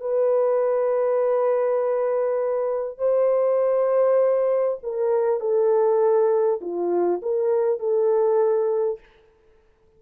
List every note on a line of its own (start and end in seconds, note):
0.00 2.98 B4
2.98 4.78 C5
4.83 5.40 A#4
5.40 6.60 A4
6.61 7.21 F4
7.22 7.79 A#4
7.79 8.99 A4